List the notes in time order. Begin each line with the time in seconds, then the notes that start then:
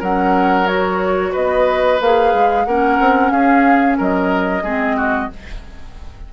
0.00 F#3 C#4 A#4 F#5
0.67 F#4 C#5
1.32 B3 B4 D#5
2.01 A#3 G#4 F5
2.34 G#3
2.65 A#3 C#4 A#4 F#5
3.00 C4
3.31 C#4 G#4 F5
3.98 F#3 A#4 D#5
4.63 G#3 C4 G#4
4.97 F#4